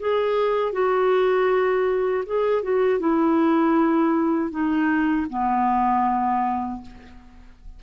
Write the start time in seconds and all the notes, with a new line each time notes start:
0.00 G#4
0.72 F#4
2.26 G#4
2.63 F#4
3.00 E4
4.51 D#4
5.30 B3